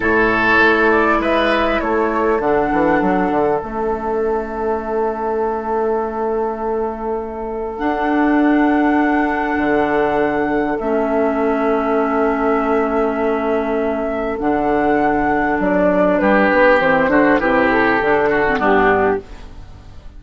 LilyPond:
<<
  \new Staff \with { instrumentName = "flute" } { \time 4/4 \tempo 4 = 100 cis''4. d''8 e''4 cis''4 | fis''2 e''2~ | e''1~ | e''4 fis''2.~ |
fis''2 e''2~ | e''1 | fis''2 d''4 b'4 | c''4 b'8 a'4. g'4 | }
  \new Staff \with { instrumentName = "oboe" } { \time 4/4 a'2 b'4 a'4~ | a'1~ | a'1~ | a'1~ |
a'1~ | a'1~ | a'2. g'4~ | g'8 fis'8 g'4. fis'8 d'4 | }
  \new Staff \with { instrumentName = "clarinet" } { \time 4/4 e'1 | d'2 cis'2~ | cis'1~ | cis'4 d'2.~ |
d'2 cis'2~ | cis'1 | d'1 | c'8 d'8 e'4 d'8. c'16 b4 | }
  \new Staff \with { instrumentName = "bassoon" } { \time 4/4 a,4 a4 gis4 a4 | d8 e8 fis8 d8 a2~ | a1~ | a4 d'2. |
d2 a2~ | a1 | d2 fis4 g8 b8 | e8 d8 c4 d4 g,4 | }
>>